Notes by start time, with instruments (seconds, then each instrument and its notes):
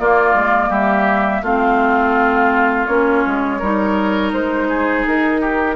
0.00 clarinet A#3, bassoon A#3, oboe F4, flute D5
0.35 bassoon G#3
0.70 bassoon G3, oboe G4, flute E5
1.42 bassoon A3, clarinet C4, oboe F4, flute F5
2.87 bassoon A#3, clarinet C#4, flute C#5
3.27 bassoon G#3
3.59 bassoon G3, clarinet D#4, oboe A#4
4.33 bassoon G#3, flute C5
4.69 oboe G#4
5.07 bassoon D#4, flute A#4
5.41 oboe G4